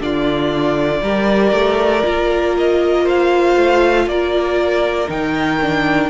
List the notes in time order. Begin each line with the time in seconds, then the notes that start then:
0.00 D3 D4 F4 D5
1.01 G3 G4 A#4
1.52 A3
2.04 A#3 F4
2.58 D#5
3.04 C5 F5
3.56 A3
4.07 A#3 A#4 D5
5.08 D#3 D#4 G5
5.61 D4